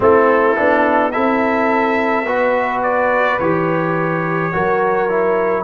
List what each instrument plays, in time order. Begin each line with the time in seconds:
0.00 tuba A3, trombone C4, horn E4, trumpet A4
0.56 tuba B3, trombone D4
1.11 tuba C4, trombone E4, horn A4, trumpet E5
2.24 tuba B3, trombone F#4, horn B4
2.82 trumpet D5
3.39 tuba E3, trombone G4, trumpet C#5
4.53 tuba F#3, trombone F#4, horn A#4
5.09 trombone E4